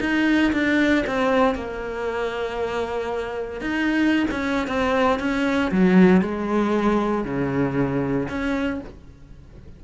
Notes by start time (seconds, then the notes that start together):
0.00 D#4
0.52 D4
1.06 C4
1.55 A#3
3.61 D#4
4.31 C#4
4.67 C4
5.19 C#4
5.71 F#3
6.21 G#3
7.24 C#3
8.28 C#4